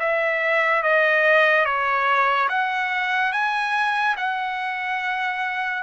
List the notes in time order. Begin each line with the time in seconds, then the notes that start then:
0.00 E5
0.83 D#5
1.65 C#5
2.49 F#5
3.32 G#5
4.17 F#5